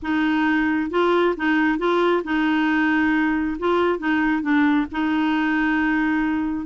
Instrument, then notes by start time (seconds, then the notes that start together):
clarinet
0.02 D#4
0.90 F4
1.36 D#4
1.78 F4
2.23 D#4
3.58 F4
3.98 D#4
4.42 D4
4.91 D#4